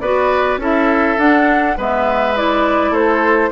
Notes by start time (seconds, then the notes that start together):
0.00 B3 F#4 B4 D5
0.58 C#4 E4 A4 E5
1.18 D4 F#5
1.77 G#3 B3 B4 E5
2.36 E4 D5
2.90 A3 A4 C5